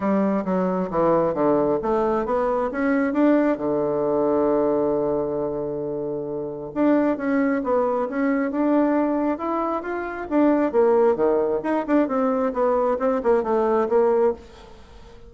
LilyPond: \new Staff \with { instrumentName = "bassoon" } { \time 4/4 \tempo 4 = 134 g4 fis4 e4 d4 | a4 b4 cis'4 d'4 | d1~ | d2. d'4 |
cis'4 b4 cis'4 d'4~ | d'4 e'4 f'4 d'4 | ais4 dis4 dis'8 d'8 c'4 | b4 c'8 ais8 a4 ais4 | }